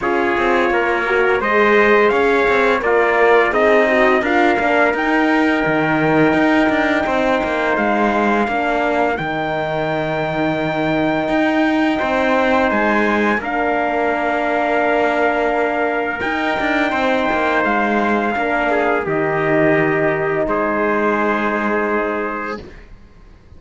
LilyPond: <<
  \new Staff \with { instrumentName = "trumpet" } { \time 4/4 \tempo 4 = 85 cis''2 dis''4 f''4 | d''4 dis''4 f''4 g''4~ | g''2. f''4~ | f''4 g''2.~ |
g''2 gis''4 f''4~ | f''2. g''4~ | g''4 f''2 dis''4~ | dis''4 c''2. | }
  \new Staff \with { instrumentName = "trumpet" } { \time 4/4 gis'4 ais'4 c''4 cis''4 | f'4 dis'4 ais'2~ | ais'2 c''2 | ais'1~ |
ais'4 c''2 ais'4~ | ais'1 | c''2 ais'8 gis'8 g'4~ | g'4 gis'2. | }
  \new Staff \with { instrumentName = "horn" } { \time 4/4 f'4. fis'8 gis'2 | ais'4 gis'8 fis'8 f'8 d'8 dis'4~ | dis'1 | d'4 dis'2.~ |
dis'2. d'4~ | d'2. dis'4~ | dis'2 d'4 dis'4~ | dis'1 | }
  \new Staff \with { instrumentName = "cello" } { \time 4/4 cis'8 c'8 ais4 gis4 cis'8 c'8 | ais4 c'4 d'8 ais8 dis'4 | dis4 dis'8 d'8 c'8 ais8 gis4 | ais4 dis2. |
dis'4 c'4 gis4 ais4~ | ais2. dis'8 d'8 | c'8 ais8 gis4 ais4 dis4~ | dis4 gis2. | }
>>